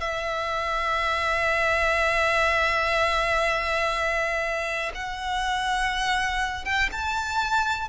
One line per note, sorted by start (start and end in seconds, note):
0.00 4.92 E5
4.94 6.65 F#5
6.65 6.89 G5
6.92 7.88 A5